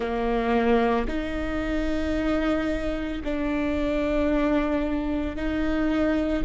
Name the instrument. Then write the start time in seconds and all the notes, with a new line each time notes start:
viola
0.00 A#3
1.07 D#4
3.23 D4
5.36 D#4